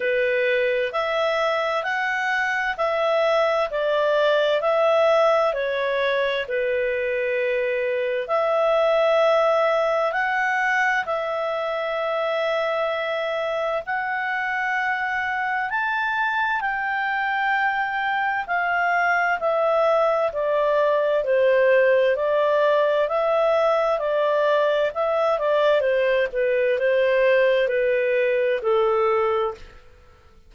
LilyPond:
\new Staff \with { instrumentName = "clarinet" } { \time 4/4 \tempo 4 = 65 b'4 e''4 fis''4 e''4 | d''4 e''4 cis''4 b'4~ | b'4 e''2 fis''4 | e''2. fis''4~ |
fis''4 a''4 g''2 | f''4 e''4 d''4 c''4 | d''4 e''4 d''4 e''8 d''8 | c''8 b'8 c''4 b'4 a'4 | }